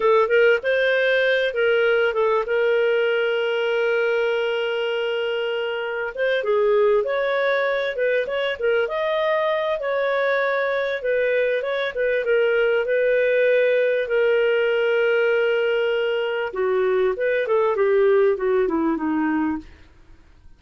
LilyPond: \new Staff \with { instrumentName = "clarinet" } { \time 4/4 \tempo 4 = 98 a'8 ais'8 c''4. ais'4 a'8 | ais'1~ | ais'2 c''8 gis'4 cis''8~ | cis''4 b'8 cis''8 ais'8 dis''4. |
cis''2 b'4 cis''8 b'8 | ais'4 b'2 ais'4~ | ais'2. fis'4 | b'8 a'8 g'4 fis'8 e'8 dis'4 | }